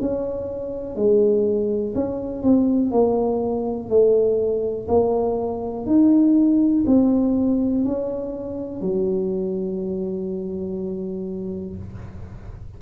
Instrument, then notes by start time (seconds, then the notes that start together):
tuba
0.00 C#4
0.96 G#3
1.94 C#4
2.43 C4
2.91 A#3
3.89 A3
4.88 A#3
5.86 D#4
6.86 C4
7.84 C#4
8.81 F#3